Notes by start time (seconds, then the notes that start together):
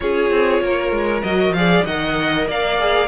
0.00 C#4 F4 G#4 C#5
0.30 C4
0.61 A#3 A#4
0.91 G#3
1.23 F#3 F#4 D#5
1.50 F3 G#4 F5
1.57 D5
1.85 D#3 A#4 D#5 F#5
2.47 A#3 D5 F5
2.79 G#4